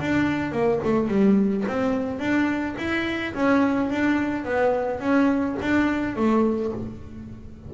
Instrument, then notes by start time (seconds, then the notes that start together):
double bass
0.00 D4
0.52 A#3
0.84 A3
1.08 G3
1.67 C4
2.19 D4
2.78 E4
3.34 C#4
3.90 D4
4.45 B3
5.00 C#4
5.62 D4
6.16 A3